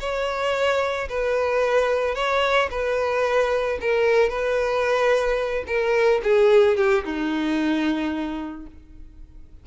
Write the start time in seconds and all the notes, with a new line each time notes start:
0.00 C#5
1.09 B4
2.15 C#5
2.71 B4
3.81 A#4
4.29 B4
5.67 A#4
6.23 G#4
6.77 G4
7.04 D#4